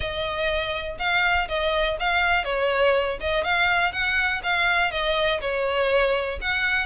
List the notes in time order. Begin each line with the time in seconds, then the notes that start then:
0.00 D#5
0.98 F5
1.48 D#5
1.99 F5
2.44 C#5
3.20 D#5
3.44 F5
3.92 F#5
4.43 F5
4.91 D#5
5.40 C#5
6.41 F#5